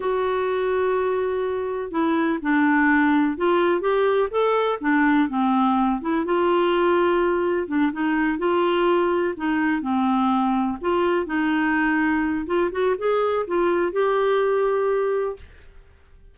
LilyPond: \new Staff \with { instrumentName = "clarinet" } { \time 4/4 \tempo 4 = 125 fis'1 | e'4 d'2 f'4 | g'4 a'4 d'4 c'4~ | c'8 e'8 f'2. |
d'8 dis'4 f'2 dis'8~ | dis'8 c'2 f'4 dis'8~ | dis'2 f'8 fis'8 gis'4 | f'4 g'2. | }